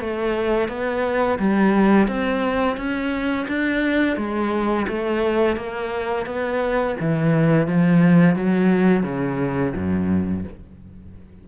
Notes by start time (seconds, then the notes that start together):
0.00 A3
0.68 B3
1.39 G3
2.08 C4
2.77 C#4
3.48 D4
4.17 G#3
4.88 A3
5.57 A#3
6.26 B3
7.00 E3
7.67 F3
8.36 F#3
9.03 C#3
9.75 F#2